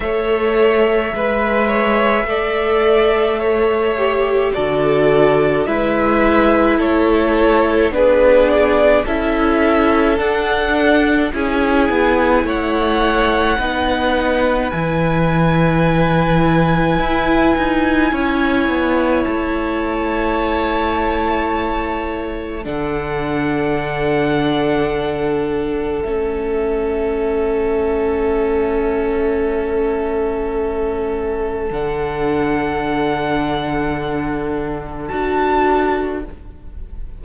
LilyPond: <<
  \new Staff \with { instrumentName = "violin" } { \time 4/4 \tempo 4 = 53 e''1 | d''4 e''4 cis''4 b'8 d''8 | e''4 fis''4 gis''4 fis''4~ | fis''4 gis''2.~ |
gis''4 a''2. | fis''2. e''4~ | e''1 | fis''2. a''4 | }
  \new Staff \with { instrumentName = "violin" } { \time 4/4 cis''4 b'8 cis''8 d''4 cis''4 | a'4 b'4 a'4 gis'4 | a'2 gis'4 cis''4 | b'1 |
cis''1 | a'1~ | a'1~ | a'1 | }
  \new Staff \with { instrumentName = "viola" } { \time 4/4 a'4 b'4 a'4. g'8 | fis'4 e'2 d'4 | e'4 d'4 e'2 | dis'4 e'2.~ |
e'1 | d'2. cis'4~ | cis'1 | d'2. fis'4 | }
  \new Staff \with { instrumentName = "cello" } { \time 4/4 a4 gis4 a2 | d4 gis4 a4 b4 | cis'4 d'4 cis'8 b8 a4 | b4 e2 e'8 dis'8 |
cis'8 b8 a2. | d2. a4~ | a1 | d2. d'4 | }
>>